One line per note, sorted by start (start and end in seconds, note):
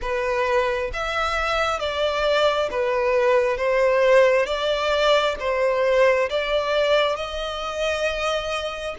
0.01 0.91 B4
0.93 1.79 E5
1.79 2.69 D5
2.71 3.57 B4
3.57 4.46 C5
4.46 5.35 D5
5.39 6.29 C5
6.29 7.16 D5
7.16 8.95 D#5